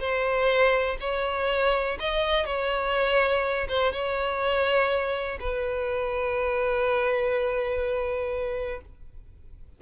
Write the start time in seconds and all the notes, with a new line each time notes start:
0.00 C5
1.00 C#5
2.00 D#5
2.46 C#5
3.69 C5
3.92 C#5
5.40 B4